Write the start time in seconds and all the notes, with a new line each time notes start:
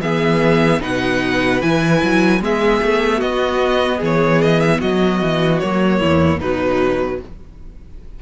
0.00 E3 B3 G#4 E5
0.81 B2 D#4 B4 F#5
1.61 E3 E4 G#5
2.03 F#3
2.40 G#3 B3 G#4 E5
2.82 A3
3.18 B3 F#4 D#5
3.98 E3 G#4
4.05 C#5
4.42 D#5
4.60 E5
4.79 F#3 F#4 D#5
5.21 E3
5.60 F#3 A#3 C#5
5.99 E2 E4
6.39 B2 F#3 D#4 B4